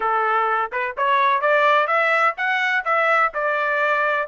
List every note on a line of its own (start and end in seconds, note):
0.00 0.71 A4
0.72 0.95 B4
0.97 1.41 C#5
1.41 1.87 D5
1.87 2.34 E5
2.37 2.84 F#5
2.85 3.32 E5
3.33 4.27 D5